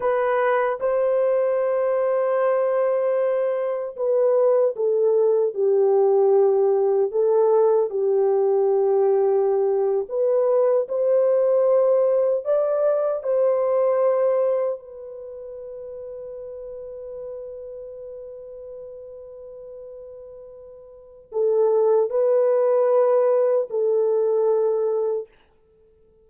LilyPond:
\new Staff \with { instrumentName = "horn" } { \time 4/4 \tempo 4 = 76 b'4 c''2.~ | c''4 b'4 a'4 g'4~ | g'4 a'4 g'2~ | g'8. b'4 c''2 d''16~ |
d''8. c''2 b'4~ b'16~ | b'1~ | b'2. a'4 | b'2 a'2 | }